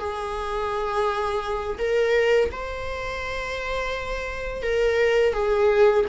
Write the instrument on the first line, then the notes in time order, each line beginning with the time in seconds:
viola
0.00 G#4
1.79 A#4
2.52 C5
4.63 A#4
5.34 G#4